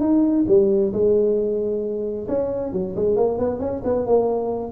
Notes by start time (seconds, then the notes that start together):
0.00 D#4
0.48 G3
0.93 G#3
2.28 C#4
2.73 F#3
2.96 G#3
3.16 A#3
3.39 B3
3.60 C#4
3.84 B3
4.06 A#3